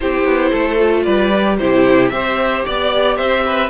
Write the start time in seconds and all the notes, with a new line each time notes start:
0.00 C4 E4 G4 C5
0.24 B3
0.50 A3 A4
0.78 F4
1.03 G3 B4 D5
1.35 G4
1.58 C3 E4 G4 C5
2.08 C4 G4 C5 E5
2.65 B3 D5
3.16 C4 C5 E5
3.45 B4